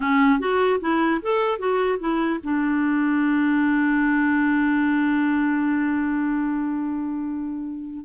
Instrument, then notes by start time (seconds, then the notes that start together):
clarinet
0.00 C#4
0.39 F#4
0.80 E4
1.22 A4
1.58 F#4
1.99 E4
2.43 D4